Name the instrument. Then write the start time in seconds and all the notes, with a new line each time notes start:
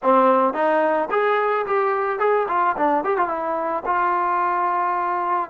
trombone
0.02 C4
0.53 D#4
1.10 G#4
1.66 G4
2.19 G#4
2.48 F4
2.76 D4
3.04 G4
3.17 F4
3.28 E4
3.85 F4